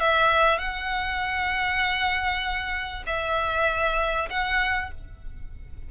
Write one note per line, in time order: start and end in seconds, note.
0.00 0.58 E5
0.58 3.03 F#5
3.06 4.29 E5
4.30 4.91 F#5